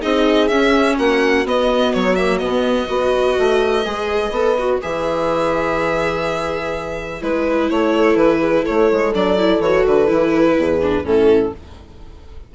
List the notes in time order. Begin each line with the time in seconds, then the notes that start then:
0.00 C4 D#4 G#4 D#5
0.48 C#4 E5
0.97 A#3 F#4 F#5
1.45 B3 D#5
1.94 F#3 C#5
2.15 A#3 E5
2.38 B2 B3 D#5
2.87 B3 F#4 B4
3.39 A3
3.85 G#3 G#4
4.30 B3 A4
4.58 F#4
4.81 E3 G#4 E5
7.21 G#3 E4 B4
7.70 A3 C#5
7.96 A4
8.15 E3 B4
8.40 G#4
8.62 A4 C#5
8.69 A3
8.92 G#3
9.13 F#3 D4 D5
9.38 E4
9.59 E3 F#4 C#5
9.86 D3 B4
10.07 E3 E4
10.56 E2 G#4
10.82 D4
11.03 A2 C#4 E4 A4